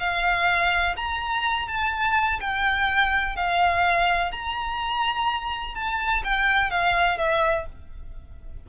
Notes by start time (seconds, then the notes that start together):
0.00 F5
0.97 A#5
1.68 A5
2.41 G5
3.36 F5
4.32 A#5
5.75 A5
6.24 G5
6.71 F5
7.18 E5